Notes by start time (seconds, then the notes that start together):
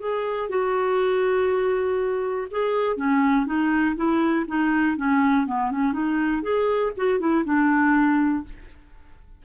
0.00 G#4
0.49 F#4
2.50 G#4
2.96 C#4
3.46 D#4
3.96 E4
4.47 D#4
4.97 C#4
5.46 B3
5.71 C#4
5.93 D#4
6.42 G#4
6.96 F#4
7.19 E4
7.44 D4